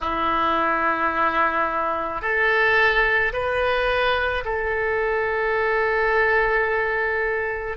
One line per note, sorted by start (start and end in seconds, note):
0.01 2.21 E4
2.21 3.32 A4
3.32 4.43 B4
4.44 7.77 A4